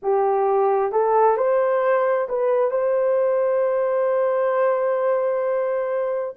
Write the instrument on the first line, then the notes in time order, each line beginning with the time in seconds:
horn
0.02 G4
0.91 A4
1.37 C5
2.28 B4
2.70 C5